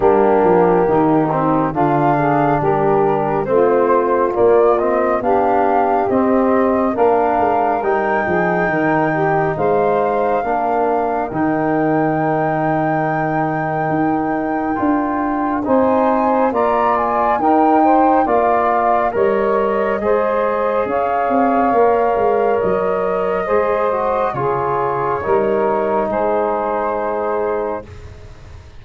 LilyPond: <<
  \new Staff \with { instrumentName = "flute" } { \time 4/4 \tempo 4 = 69 g'2 f''4 ais'4 | c''4 d''8 dis''8 f''4 dis''4 | f''4 g''2 f''4~ | f''4 g''2.~ |
g''2 gis''4 ais''8 gis''8 | g''4 f''4 dis''2 | f''2 dis''2 | cis''2 c''2 | }
  \new Staff \with { instrumentName = "saxophone" } { \time 4/4 d'4 dis'4 f'8 gis'8 g'4 | f'2 g'2 | ais'4. gis'8 ais'8 g'8 c''4 | ais'1~ |
ais'2 c''4 d''4 | ais'8 c''8 d''4 cis''4 c''4 | cis''2. c''4 | gis'4 ais'4 gis'2 | }
  \new Staff \with { instrumentName = "trombone" } { \time 4/4 ais4. c'8 d'2 | c'4 ais8 c'8 d'4 c'4 | d'4 dis'2. | d'4 dis'2.~ |
dis'4 f'4 dis'4 f'4 | dis'4 f'4 ais'4 gis'4~ | gis'4 ais'2 gis'8 fis'8 | f'4 dis'2. | }
  \new Staff \with { instrumentName = "tuba" } { \time 4/4 g8 f8 dis4 d4 g4 | a4 ais4 b4 c'4 | ais8 gis8 g8 f8 dis4 gis4 | ais4 dis2. |
dis'4 d'4 c'4 ais4 | dis'4 ais4 g4 gis4 | cis'8 c'8 ais8 gis8 fis4 gis4 | cis4 g4 gis2 | }
>>